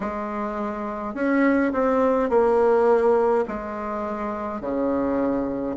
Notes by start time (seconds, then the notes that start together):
0.00 G#3
1.14 C#4
1.73 C4
2.29 A#3
3.47 G#3
4.60 C#3